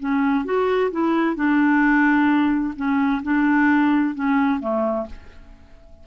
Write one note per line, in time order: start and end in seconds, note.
0.00 0.45 C#4
0.45 0.91 F#4
0.91 1.36 E4
1.36 2.74 D4
2.76 3.22 C#4
3.23 4.15 D4
4.15 4.60 C#4
4.60 5.07 A3